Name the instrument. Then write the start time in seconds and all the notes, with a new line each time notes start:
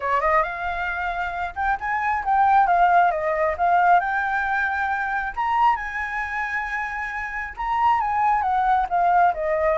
flute
0.00 C#5
0.21 D#5
0.42 F5
1.55 G5
1.80 G#5
2.24 G5
2.66 F5
3.11 D#5
3.57 F5
4.00 G5
5.36 A#5
5.76 G#5
7.56 A#5
8.00 G#5
8.42 F#5
8.89 F5
9.33 D#5